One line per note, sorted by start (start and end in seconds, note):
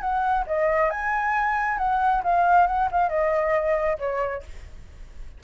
0.00 0.44 F#5
0.46 0.90 D#5
0.90 1.78 G#5
1.78 2.22 F#5
2.23 2.67 F5
2.67 2.89 F#5
2.91 3.09 F5
3.09 3.97 D#5
3.98 4.42 C#5